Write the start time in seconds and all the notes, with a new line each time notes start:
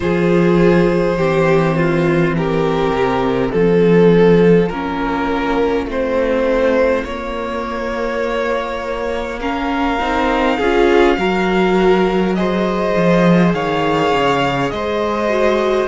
0.00 F3 F4 G#4 C5
1.16 E3 C4 G4
1.76 F4
2.37 G4 A#4
2.90 C3
3.50 F3 F4 A4
4.69 A#3 C#4 A#4
5.85 A3 C4 C5
7.04 A#3 C#5
9.40 C#4 A#4 F5
9.99 C4 D#4
10.57 C#4 F4 G#4
11.17 F#3 F#4 A#4
12.35 G#4 C5 D#5
12.96 F3
13.53 D#3 C#5 F5
14.12 C#3
14.70 G#3 C5 D#5
15.28 F#4